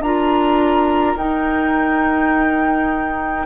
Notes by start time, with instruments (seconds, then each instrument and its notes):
0.00 bassoon D4, clarinet F4, oboe A#4, flute A#5
1.16 bassoon D#4, clarinet D#4, flute G5